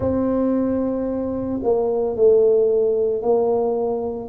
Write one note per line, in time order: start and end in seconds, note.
0.00 1.60 C4
1.62 2.15 A#3
2.15 3.21 A3
3.21 4.28 A#3